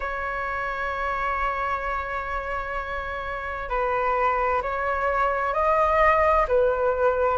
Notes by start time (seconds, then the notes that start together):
0.00 C#5
3.69 B4
4.62 C#5
5.53 D#5
6.47 B4